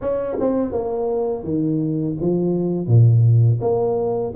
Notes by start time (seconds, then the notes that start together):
0.01 C#4
0.40 C4
0.72 A#3
1.43 D#3
2.20 F3
2.87 A#2
3.61 A#3